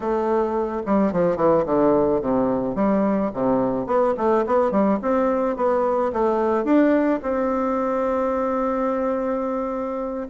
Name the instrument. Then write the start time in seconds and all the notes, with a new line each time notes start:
bassoon
0.00 A3
0.86 G3
1.12 F3
1.36 E3
1.65 D3
2.21 C3
2.75 G3
3.33 C3
3.86 B3
4.17 A3
4.46 B3
4.71 G3
5.02 C4
5.56 B3
6.12 A3
6.64 D4
7.22 C4